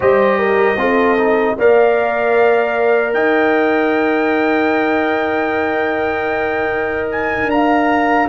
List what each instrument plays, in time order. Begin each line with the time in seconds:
0.00 tuba G3, trombone G4, horn C5, trumpet D#5
0.38 horn A#4
0.75 tuba C4, trombone F4, horn A4
1.17 trombone D#4
1.57 tuba A#3, trombone A#4, horn D5, trumpet F5
3.13 tuba D#4, horn D#5, trumpet G5
7.11 trumpet G#5
7.48 tuba D4, horn F5, trumpet A#5